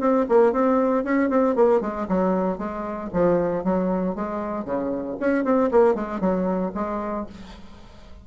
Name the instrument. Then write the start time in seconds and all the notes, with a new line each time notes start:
bassoon
0.00 C4
0.29 A#3
0.52 C4
1.04 C#4
1.30 C4
1.55 A#3
1.81 G#3
2.08 F#3
2.58 G#3
3.13 F3
3.64 F#3
4.15 G#3
4.65 C#3
5.20 C#4
5.45 C4
5.71 A#3
5.95 G#3
6.20 F#3
6.75 G#3